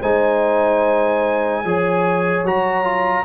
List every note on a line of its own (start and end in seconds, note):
0.00 1.64 G#3
0.00 1.64 D#4
0.00 1.62 C5
0.00 2.45 G#5
1.64 2.43 F3
1.64 2.45 G#4
1.64 3.25 C#5
2.43 3.24 F#3
2.43 2.83 F#4
2.43 3.25 A#5
2.83 3.24 F4